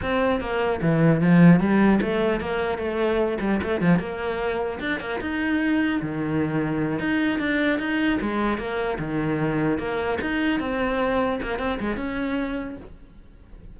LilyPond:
\new Staff \with { instrumentName = "cello" } { \time 4/4 \tempo 4 = 150 c'4 ais4 e4 f4 | g4 a4 ais4 a4~ | a8 g8 a8 f8 ais2 | d'8 ais8 dis'2 dis4~ |
dis4. dis'4 d'4 dis'8~ | dis'8 gis4 ais4 dis4.~ | dis8 ais4 dis'4 c'4.~ | c'8 ais8 c'8 gis8 cis'2 | }